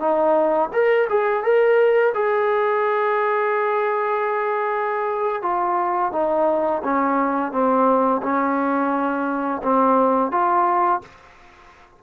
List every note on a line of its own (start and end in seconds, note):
0.00 0.70 D#4
0.73 1.08 A#4
1.10 1.44 G#4
1.44 2.13 A#4
2.15 5.43 G#4
5.43 6.12 F4
6.13 6.82 D#4
6.84 7.52 C#4
7.52 8.22 C4
8.23 9.62 C#4
9.63 10.32 C4
10.32 11.02 F4